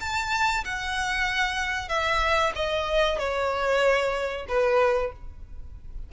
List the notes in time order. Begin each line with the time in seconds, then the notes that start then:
0.00 A5
0.64 F#5
1.89 E5
2.55 D#5
3.18 C#5
4.48 B4